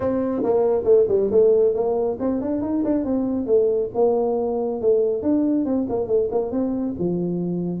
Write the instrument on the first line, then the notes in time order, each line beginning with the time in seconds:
tuba
0.00 C4
0.43 A#3
0.84 A3
1.08 G3
1.31 A3
1.74 A#3
2.19 C4
2.41 D4
2.61 D#4
2.84 D4
3.04 C4
3.46 A3
3.94 A#3
4.81 A3
5.22 D4
5.65 C4
5.89 A#3
6.07 A3
6.31 A#3
6.51 C4
6.98 F3